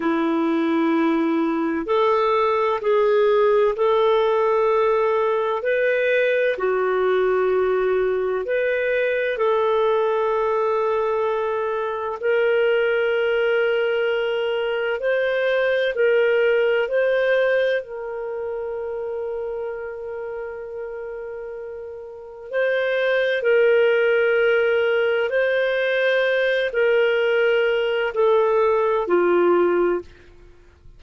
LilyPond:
\new Staff \with { instrumentName = "clarinet" } { \time 4/4 \tempo 4 = 64 e'2 a'4 gis'4 | a'2 b'4 fis'4~ | fis'4 b'4 a'2~ | a'4 ais'2. |
c''4 ais'4 c''4 ais'4~ | ais'1 | c''4 ais'2 c''4~ | c''8 ais'4. a'4 f'4 | }